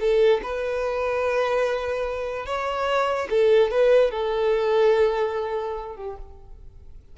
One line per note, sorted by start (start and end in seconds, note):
0.00 0.41 A4
0.43 2.46 B4
2.46 3.28 C#5
3.30 3.71 A4
3.71 4.11 B4
4.11 5.96 A4
5.96 6.17 G4